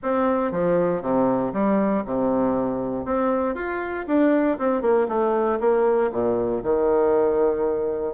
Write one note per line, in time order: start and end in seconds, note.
0.03 0.51 C4
0.51 1.02 F3
1.02 1.53 C3
1.53 2.04 G3
2.05 3.05 C3
3.05 3.54 C4
3.54 4.05 F4
4.07 4.58 D4
4.58 4.81 C4
4.81 5.07 A#3
5.08 5.59 A3
5.60 6.11 A#3
6.11 6.62 A#2
6.63 8.14 D#3